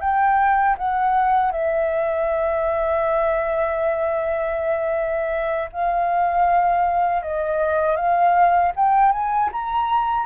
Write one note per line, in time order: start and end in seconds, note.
0.00 0.76 G5
0.78 1.52 F#5
1.52 5.69 E5
5.72 7.22 F5
7.22 7.96 D#5
7.96 8.72 F5
8.75 9.12 G5
9.12 9.50 G#5
9.52 10.26 A#5